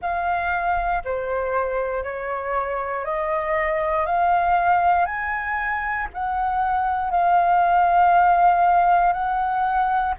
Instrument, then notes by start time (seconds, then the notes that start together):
flute
0.01 F5
1.04 C5
2.03 C#5
3.05 D#5
4.06 F5
5.05 G#5
6.13 F#5
7.10 F5
9.12 F#5